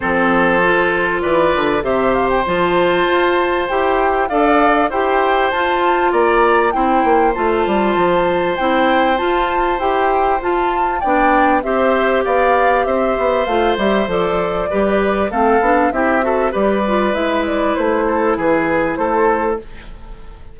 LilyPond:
<<
  \new Staff \with { instrumentName = "flute" } { \time 4/4 \tempo 4 = 98 c''2 d''4 e''8 f''16 g''16 | a''2 g''4 f''4 | g''4 a''4 ais''4 g''4 | a''2 g''4 a''4 |
g''4 a''4 g''4 e''4 | f''4 e''4 f''8 e''8 d''4~ | d''4 f''4 e''4 d''4 | e''8 d''8 c''4 b'4 c''4 | }
  \new Staff \with { instrumentName = "oboe" } { \time 4/4 a'2 b'4 c''4~ | c''2. d''4 | c''2 d''4 c''4~ | c''1~ |
c''2 d''4 c''4 | d''4 c''2. | b'4 a'4 g'8 a'8 b'4~ | b'4. a'8 gis'4 a'4 | }
  \new Staff \with { instrumentName = "clarinet" } { \time 4/4 c'4 f'2 g'4 | f'2 g'4 a'4 | g'4 f'2 e'4 | f'2 e'4 f'4 |
g'4 f'4 d'4 g'4~ | g'2 f'8 g'8 a'4 | g'4 c'8 d'8 e'8 fis'8 g'8 f'8 | e'1 | }
  \new Staff \with { instrumentName = "bassoon" } { \time 4/4 f2 e8 d8 c4 | f4 f'4 e'4 d'4 | e'4 f'4 ais4 c'8 ais8 | a8 g8 f4 c'4 f'4 |
e'4 f'4 b4 c'4 | b4 c'8 b8 a8 g8 f4 | g4 a8 b8 c'4 g4 | gis4 a4 e4 a4 | }
>>